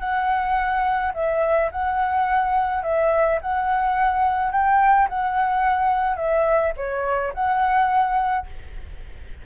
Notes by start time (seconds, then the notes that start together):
0.00 F#5
1.14 E5
1.71 F#5
2.83 E5
3.42 F#5
4.52 G5
5.09 F#5
6.17 E5
6.77 C#5
7.34 F#5